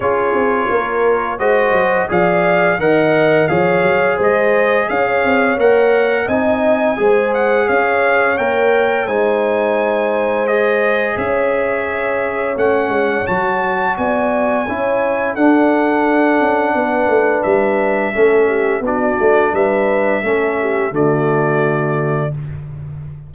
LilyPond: <<
  \new Staff \with { instrumentName = "trumpet" } { \time 4/4 \tempo 4 = 86 cis''2 dis''4 f''4 | fis''4 f''4 dis''4 f''4 | fis''4 gis''4. fis''8 f''4 | g''4 gis''2 dis''4 |
e''2 fis''4 a''4 | gis''2 fis''2~ | fis''4 e''2 d''4 | e''2 d''2 | }
  \new Staff \with { instrumentName = "horn" } { \time 4/4 gis'4 ais'4 c''4 d''4 | dis''4 cis''4 c''4 cis''4~ | cis''4 dis''4 c''4 cis''4~ | cis''4 c''2. |
cis''1 | d''4 cis''4 a'2 | b'2 a'8 g'8 fis'4 | b'4 a'8 g'8 fis'2 | }
  \new Staff \with { instrumentName = "trombone" } { \time 4/4 f'2 fis'4 gis'4 | ais'4 gis'2. | ais'4 dis'4 gis'2 | ais'4 dis'2 gis'4~ |
gis'2 cis'4 fis'4~ | fis'4 e'4 d'2~ | d'2 cis'4 d'4~ | d'4 cis'4 a2 | }
  \new Staff \with { instrumentName = "tuba" } { \time 4/4 cis'8 c'8 ais4 gis8 fis8 f4 | dis4 f8 fis8 gis4 cis'8 c'8 | ais4 c'4 gis4 cis'4 | ais4 gis2. |
cis'2 a8 gis8 fis4 | b4 cis'4 d'4. cis'8 | b8 a8 g4 a4 b8 a8 | g4 a4 d2 | }
>>